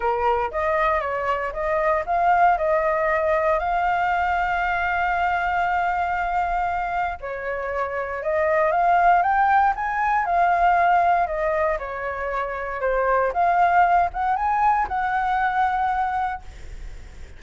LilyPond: \new Staff \with { instrumentName = "flute" } { \time 4/4 \tempo 4 = 117 ais'4 dis''4 cis''4 dis''4 | f''4 dis''2 f''4~ | f''1~ | f''2 cis''2 |
dis''4 f''4 g''4 gis''4 | f''2 dis''4 cis''4~ | cis''4 c''4 f''4. fis''8 | gis''4 fis''2. | }